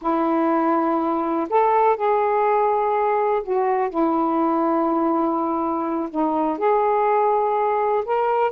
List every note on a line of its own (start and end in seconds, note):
0.01 1.48 E4
1.49 1.96 A4
1.96 3.42 G#4
3.43 3.89 F#4
3.89 6.09 E4
6.10 6.58 D#4
6.58 8.04 G#4
8.05 8.51 A#4